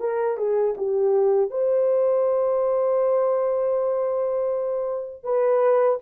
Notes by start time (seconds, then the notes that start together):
0.00 A#4
0.37 G#4
0.77 G4
1.50 C5
5.24 B4